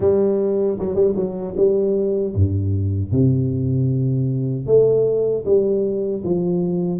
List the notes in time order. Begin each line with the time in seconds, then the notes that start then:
0.00 G3
0.79 F#3
0.95 G3
1.15 F#3
1.57 G3
2.34 G2
3.11 C3
4.66 A3
5.45 G3
6.23 F3